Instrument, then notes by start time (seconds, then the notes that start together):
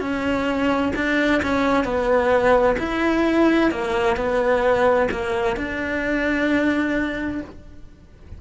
cello
0.00 C#4
0.95 D4
1.42 C#4
1.84 B3
2.79 E4
3.71 A#3
4.17 B3
5.11 A#3
5.56 D4